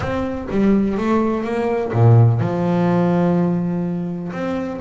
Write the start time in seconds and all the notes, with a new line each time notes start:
0.00 C4
0.50 G3
0.97 A3
1.44 A#3
1.92 A#2
2.40 F3
4.32 C4